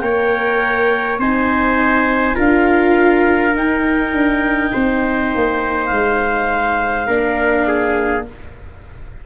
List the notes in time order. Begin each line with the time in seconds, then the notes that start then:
0.00 A#3 A#4 C#5 G5
1.18 C4 D#4 C5 G#5
2.35 D4 F4 A#4 F5
3.55 D#4 G5
4.13 D4
4.73 C4 C5
5.36 A#3
5.87 G#3 F5
7.07 A#3 D4 A#4
7.68 G#4